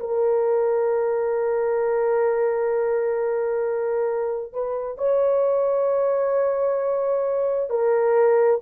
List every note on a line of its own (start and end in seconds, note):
0.00 4.53 A#4
4.53 4.98 B4
4.98 7.70 C#5
7.70 8.61 A#4